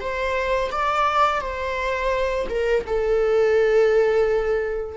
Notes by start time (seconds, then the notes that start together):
0.00 C5
0.71 D5
1.41 C5
2.50 A#4
2.87 A4